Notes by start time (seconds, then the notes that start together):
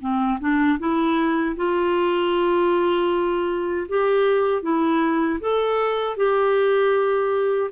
0.00 C4
0.40 D4
0.78 E4
1.56 F4
3.88 G4
4.62 E4
5.40 A4
6.16 G4